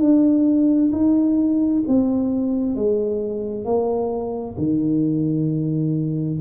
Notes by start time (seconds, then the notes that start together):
0.00 D4
0.92 D#4
1.88 C4
2.76 G#3
3.65 A#3
4.58 D#3